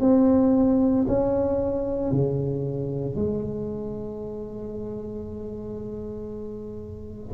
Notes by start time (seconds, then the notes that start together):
0.00 C4
1.08 C#4
2.11 C#3
3.15 G#3